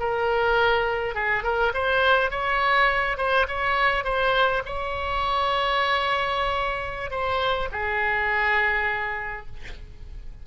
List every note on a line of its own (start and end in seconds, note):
0.00 1.15 A#4
1.15 1.44 G#4
1.44 1.73 A#4
1.74 2.31 C5
2.31 3.18 C#5
3.18 3.47 C5
3.48 4.04 C#5
4.04 4.63 C5
4.65 7.11 C#5
7.11 7.69 C5
7.72 9.47 G#4